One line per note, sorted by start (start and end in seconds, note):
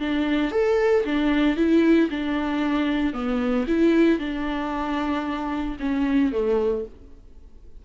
0.00 0.52 D4
0.52 1.05 A4
1.05 1.57 D4
1.57 2.10 E4
2.11 3.14 D4
3.14 3.66 B3
3.68 4.19 E4
4.19 5.77 D4
5.80 6.33 C#4
6.33 6.85 A3